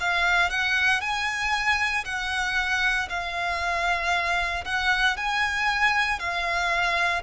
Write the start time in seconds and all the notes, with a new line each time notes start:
0.00 F5
0.50 F#5
1.01 G#5
2.05 F#5
3.09 F5
4.65 F#5
5.17 G#5
6.19 F5